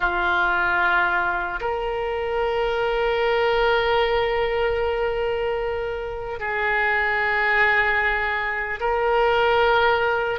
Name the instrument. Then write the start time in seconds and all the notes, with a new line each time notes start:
oboe
0.00 F4
1.60 A#4
6.39 G#4
8.80 A#4